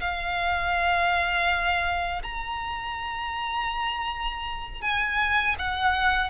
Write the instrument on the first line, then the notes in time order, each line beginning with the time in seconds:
violin
0.00 F5
2.23 A#5
4.81 G#5
5.59 F#5